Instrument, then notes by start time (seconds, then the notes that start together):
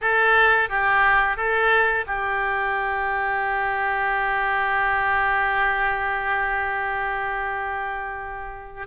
oboe
0.01 A4
0.69 G4
1.36 A4
2.06 G4